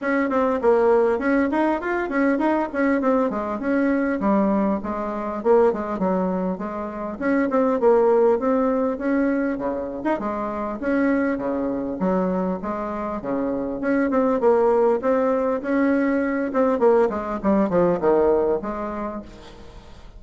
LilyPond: \new Staff \with { instrumentName = "bassoon" } { \time 4/4 \tempo 4 = 100 cis'8 c'8 ais4 cis'8 dis'8 f'8 cis'8 | dis'8 cis'8 c'8 gis8 cis'4 g4 | gis4 ais8 gis8 fis4 gis4 | cis'8 c'8 ais4 c'4 cis'4 |
cis8. dis'16 gis4 cis'4 cis4 | fis4 gis4 cis4 cis'8 c'8 | ais4 c'4 cis'4. c'8 | ais8 gis8 g8 f8 dis4 gis4 | }